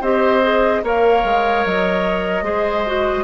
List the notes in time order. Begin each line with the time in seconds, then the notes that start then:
0.00 C4 G4 C5 D#5
0.42 G#4
0.83 A#3 A#4 C#5 F5
1.24 G#3
1.65 F#3 D#5
2.42 G#3 G#4 C5
2.86 F#4